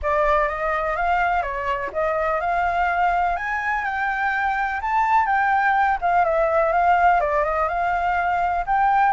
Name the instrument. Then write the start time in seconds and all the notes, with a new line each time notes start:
flute
0.02 D5
0.48 D#5
0.96 F5
1.42 C#5
1.92 D#5
2.40 F5
3.36 G#5
3.84 G5
4.81 A5
5.26 G5
6.01 F5
6.24 E5
6.72 F5
7.20 D5
7.44 D#5
7.68 F5
8.66 G5